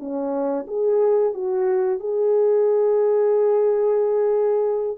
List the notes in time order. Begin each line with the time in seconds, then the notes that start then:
0.00 C#4
0.68 G#4
1.34 F#4
2.00 G#4